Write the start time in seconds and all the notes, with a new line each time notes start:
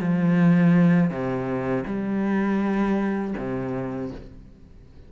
0.00 F3
1.10 C3
1.86 G3
3.37 C3